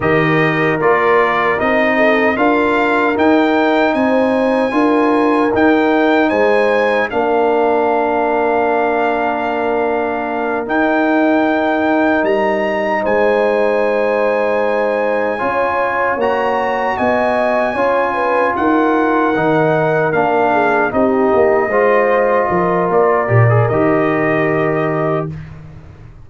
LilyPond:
<<
  \new Staff \with { instrumentName = "trumpet" } { \time 4/4 \tempo 4 = 76 dis''4 d''4 dis''4 f''4 | g''4 gis''2 g''4 | gis''4 f''2.~ | f''4. g''2 ais''8~ |
ais''8 gis''2.~ gis''8~ | gis''8 ais''4 gis''2 fis''8~ | fis''4. f''4 dis''4.~ | dis''4 d''4 dis''2 | }
  \new Staff \with { instrumentName = "horn" } { \time 4/4 ais'2~ ais'8 a'8 ais'4~ | ais'4 c''4 ais'2 | c''4 ais'2.~ | ais'1~ |
ais'8 c''2. cis''8~ | cis''4. dis''4 cis''8 b'8 ais'8~ | ais'2 gis'8 g'4 c''8~ | c''8 ais'2.~ ais'8 | }
  \new Staff \with { instrumentName = "trombone" } { \time 4/4 g'4 f'4 dis'4 f'4 | dis'2 f'4 dis'4~ | dis'4 d'2.~ | d'4. dis'2~ dis'8~ |
dis'2.~ dis'8 f'8~ | f'8 fis'2 f'4.~ | f'8 dis'4 d'4 dis'4 f'8~ | f'4. g'16 gis'16 g'2 | }
  \new Staff \with { instrumentName = "tuba" } { \time 4/4 dis4 ais4 c'4 d'4 | dis'4 c'4 d'4 dis'4 | gis4 ais2.~ | ais4. dis'2 g8~ |
g8 gis2. cis'8~ | cis'8 ais4 b4 cis'4 dis'8~ | dis'8 dis4 ais4 c'8 ais8 gis8~ | gis8 f8 ais8 ais,8 dis2 | }
>>